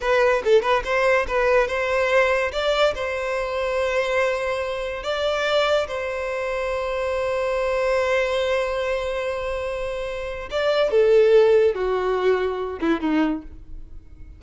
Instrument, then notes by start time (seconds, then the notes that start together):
violin
0.00 B4
0.44 A4
0.62 B4
0.84 C5
1.27 B4
1.67 C5
2.52 D5
2.94 C5
5.03 D5
5.87 C5
10.50 D5
10.91 A4
11.74 F#4
12.80 E4
13.00 D#4